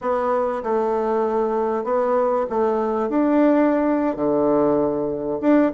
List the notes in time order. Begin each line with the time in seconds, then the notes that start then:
0.01 B3
0.63 A3
1.84 B3
2.49 A3
3.09 D4
4.16 D3
5.40 D4